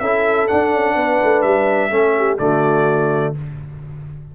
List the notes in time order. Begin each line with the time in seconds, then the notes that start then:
0.00 C#4 E4 A4 E5
0.48 D4 F#5
0.73 C#4
0.95 B3 B4
1.23 A3
1.42 G3 E5
1.90 A3 C#4 A4
2.18 G4
2.39 D3 A3 F#4 D5